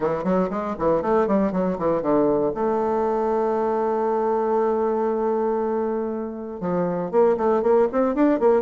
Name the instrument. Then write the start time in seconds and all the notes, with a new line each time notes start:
bassoon
0.00 E3
0.23 F#3
0.49 G#3
0.78 E3
1.02 A3
1.27 G3
1.52 F#3
1.78 E3
2.02 D3
2.54 A3
6.60 F3
7.11 A#3
7.37 A3
7.62 A#3
7.92 C4
8.14 D4
8.39 A#3